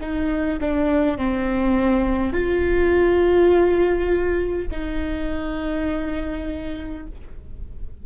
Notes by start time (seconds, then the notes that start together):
0.00 D#4
0.60 D4
1.17 C4
2.33 F4
4.71 D#4